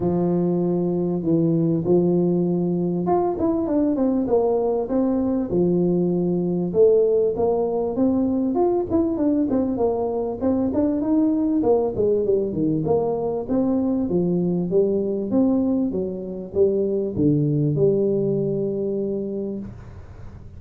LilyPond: \new Staff \with { instrumentName = "tuba" } { \time 4/4 \tempo 4 = 98 f2 e4 f4~ | f4 f'8 e'8 d'8 c'8 ais4 | c'4 f2 a4 | ais4 c'4 f'8 e'8 d'8 c'8 |
ais4 c'8 d'8 dis'4 ais8 gis8 | g8 dis8 ais4 c'4 f4 | g4 c'4 fis4 g4 | d4 g2. | }